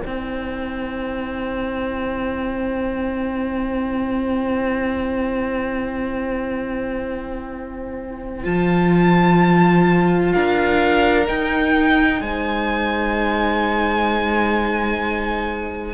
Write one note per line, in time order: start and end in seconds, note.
0.00 8.43 E4
0.00 10.33 C5
0.00 8.44 G5
0.06 8.46 C4
8.43 10.33 F3
8.43 11.25 F4
8.43 10.32 A5
10.32 11.29 D4
10.32 12.21 A#4
10.32 11.26 F5
11.26 15.94 D#4
11.26 12.21 D#4
11.26 12.22 G5
12.21 15.94 G#3
12.21 15.94 C5
12.21 15.94 G#5